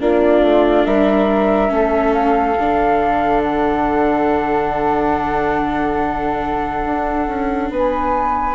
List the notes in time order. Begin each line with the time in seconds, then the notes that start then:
0.00 A#3 D4 F4 D5
0.41 A3
0.85 G3 A#4 E5
1.69 A3 C#4 A4
2.13 F5
2.59 D3 D4
3.43 F#5
6.86 D4
7.27 C#4
7.70 B3 B4 G#5